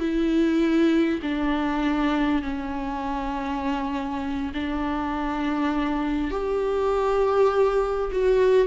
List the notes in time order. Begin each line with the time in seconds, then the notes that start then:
0.00 E4
1.23 D4
2.42 C#4
4.54 D4
6.31 G4
8.12 F#4